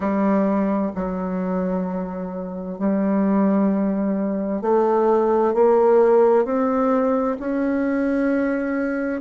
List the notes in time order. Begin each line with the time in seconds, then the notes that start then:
0.00 G3
0.95 F#3
2.78 G3
4.62 A3
5.53 A#3
6.44 C4
7.39 C#4